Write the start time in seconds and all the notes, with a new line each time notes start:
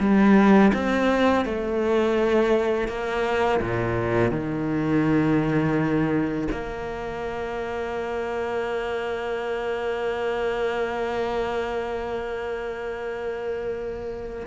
0.00 G3
0.74 C4
1.45 A3
2.88 A#3
3.61 A#2
4.31 D#3
6.52 A#3